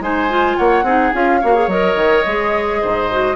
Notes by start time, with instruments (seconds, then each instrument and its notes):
0.00 bassoon G#3, clarinet D#4, oboe C5, flute G#5
0.29 clarinet F4
0.57 bassoon A#3, oboe C#5, flute F#5
0.83 bassoon C4, clarinet D#4, oboe G#4
1.13 bassoon C#4, clarinet F4, flute F5
1.41 bassoon A#3, clarinet F#4, oboe C#5
1.55 clarinet G#4
1.67 bassoon F#3, clarinet A#4, flute D#5
1.96 bassoon D#3
2.26 bassoon G#3, clarinet G#4
2.81 bassoon G#2, oboe C5
3.11 clarinet F#4